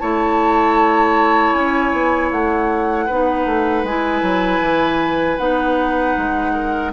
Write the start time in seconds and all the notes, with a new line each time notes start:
0.00 A3 E4 C#5 A5
1.53 C#4 G#5
1.93 B3
2.32 A3 F#5
3.06 B3 D#4 B4
3.46 A3
3.83 G#3 E4 G#5
4.22 F#3
4.61 E3
5.38 B3 D#4 F#5
6.17 G#3
6.54 A#4